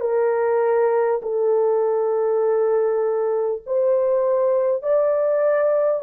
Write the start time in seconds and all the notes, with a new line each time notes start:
0.00 A#4
1.22 A4
3.66 C5
4.82 D5